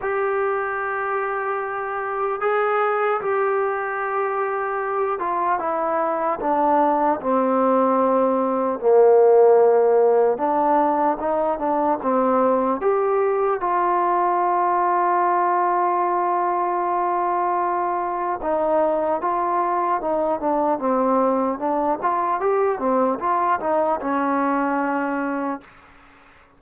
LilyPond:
\new Staff \with { instrumentName = "trombone" } { \time 4/4 \tempo 4 = 75 g'2. gis'4 | g'2~ g'8 f'8 e'4 | d'4 c'2 ais4~ | ais4 d'4 dis'8 d'8 c'4 |
g'4 f'2.~ | f'2. dis'4 | f'4 dis'8 d'8 c'4 d'8 f'8 | g'8 c'8 f'8 dis'8 cis'2 | }